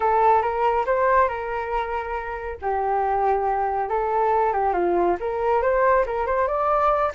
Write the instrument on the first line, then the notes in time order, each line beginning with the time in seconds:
flute
0.00 A4
0.42 A#4
0.86 C5
1.28 A#4
2.61 G4
3.89 A4
4.52 G4
4.73 F4
5.20 A#4
5.61 C5
6.05 A#4
6.26 C5
6.47 D5